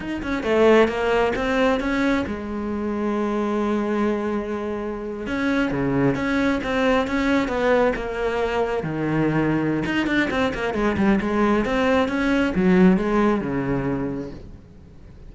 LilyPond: \new Staff \with { instrumentName = "cello" } { \time 4/4 \tempo 4 = 134 dis'8 cis'8 a4 ais4 c'4 | cis'4 gis2.~ | gis2.~ gis8. cis'16~ | cis'8. cis4 cis'4 c'4 cis'16~ |
cis'8. b4 ais2 dis16~ | dis2 dis'8 d'8 c'8 ais8 | gis8 g8 gis4 c'4 cis'4 | fis4 gis4 cis2 | }